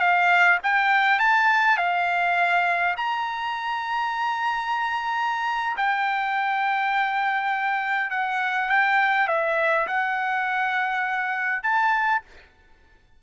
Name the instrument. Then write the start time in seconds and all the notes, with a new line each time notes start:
trumpet
0.00 F5
0.64 G5
1.20 A5
1.78 F5
2.97 A#5
5.78 G5
8.11 F#5
8.70 G5
9.28 E5
9.88 F#5
11.63 A5